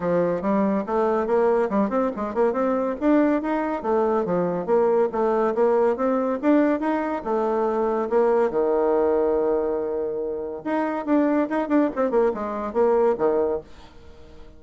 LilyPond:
\new Staff \with { instrumentName = "bassoon" } { \time 4/4 \tempo 4 = 141 f4 g4 a4 ais4 | g8 c'8 gis8 ais8 c'4 d'4 | dis'4 a4 f4 ais4 | a4 ais4 c'4 d'4 |
dis'4 a2 ais4 | dis1~ | dis4 dis'4 d'4 dis'8 d'8 | c'8 ais8 gis4 ais4 dis4 | }